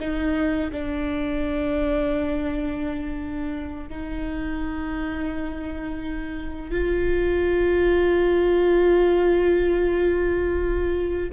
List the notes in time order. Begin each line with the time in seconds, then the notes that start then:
0.00 D#4
0.72 D4
3.89 D#4
6.71 F4